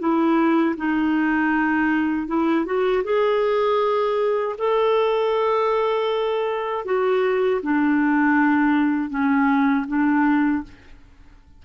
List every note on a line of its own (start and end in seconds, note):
0.00 0.76 E4
0.77 2.28 D#4
2.28 2.66 E4
2.66 3.04 F#4
3.04 4.56 G#4
4.59 6.86 A4
6.86 7.62 F#4
7.63 9.10 D4
9.10 9.86 C#4
9.88 10.64 D4